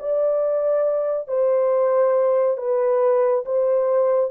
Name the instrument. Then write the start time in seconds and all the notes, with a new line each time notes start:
horn
0.00 D5
1.28 C5
2.58 B4
3.46 C5